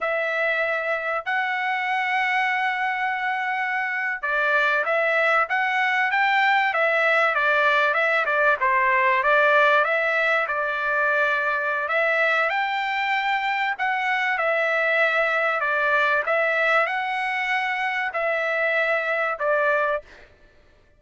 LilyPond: \new Staff \with { instrumentName = "trumpet" } { \time 4/4 \tempo 4 = 96 e''2 fis''2~ | fis''2~ fis''8. d''4 e''16~ | e''8. fis''4 g''4 e''4 d''16~ | d''8. e''8 d''8 c''4 d''4 e''16~ |
e''8. d''2~ d''16 e''4 | g''2 fis''4 e''4~ | e''4 d''4 e''4 fis''4~ | fis''4 e''2 d''4 | }